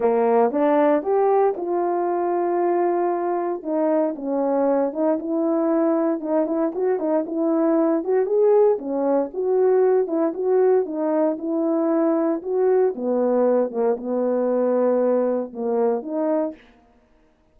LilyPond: \new Staff \with { instrumentName = "horn" } { \time 4/4 \tempo 4 = 116 ais4 d'4 g'4 f'4~ | f'2. dis'4 | cis'4. dis'8 e'2 | dis'8 e'8 fis'8 dis'8 e'4. fis'8 |
gis'4 cis'4 fis'4. e'8 | fis'4 dis'4 e'2 | fis'4 b4. ais8 b4~ | b2 ais4 dis'4 | }